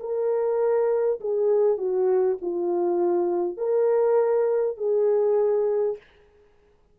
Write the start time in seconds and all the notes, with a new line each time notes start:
0.00 A#4
1.21 G#4
1.77 F#4
2.41 F4
3.57 A#4
4.77 G#4